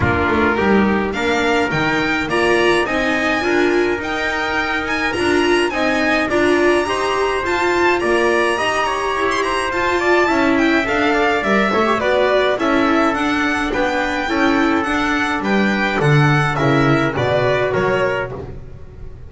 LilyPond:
<<
  \new Staff \with { instrumentName = "violin" } { \time 4/4 \tempo 4 = 105 ais'2 f''4 g''4 | ais''4 gis''2 g''4~ | g''8 gis''8 ais''4 gis''4 ais''4~ | ais''4 a''4 ais''2~ |
ais''16 c'''16 ais''8 a''4. g''8 f''4 | e''4 d''4 e''4 fis''4 | g''2 fis''4 g''4 | fis''4 e''4 d''4 cis''4 | }
  \new Staff \with { instrumentName = "trumpet" } { \time 4/4 f'4 g'4 ais'2 | d''4 dis''4 ais'2~ | ais'2 dis''4 d''4 | c''2 d''4 dis''8 cis''8~ |
cis''8 c''4 d''8 e''4. d''8~ | d''8 cis''8 b'4 a'2 | b'4 a'2 b'4 | a'4 ais'4 b'4 ais'4 | }
  \new Staff \with { instrumentName = "viola" } { \time 4/4 d'4 dis'4 d'4 dis'4 | f'4 dis'4 f'4 dis'4~ | dis'4 f'4 dis'4 f'4 | g'4 f'2 g'4~ |
g'4 f'4 e'4 a'4 | ais'8 a'16 g'16 fis'4 e'4 d'4~ | d'4 e'4 d'2~ | d'4 e'4 fis'2 | }
  \new Staff \with { instrumentName = "double bass" } { \time 4/4 ais8 a8 g4 ais4 dis4 | ais4 c'4 d'4 dis'4~ | dis'4 d'4 c'4 d'4 | dis'4 f'4 ais4 dis'4 |
e'4 f'4 cis'4 d'4 | g8 a8 b4 cis'4 d'4 | b4 cis'4 d'4 g4 | d4 cis4 b,4 fis4 | }
>>